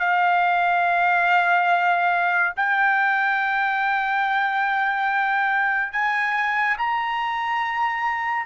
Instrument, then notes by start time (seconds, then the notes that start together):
trumpet
0.00 F5
2.57 G5
5.93 G#5
6.78 A#5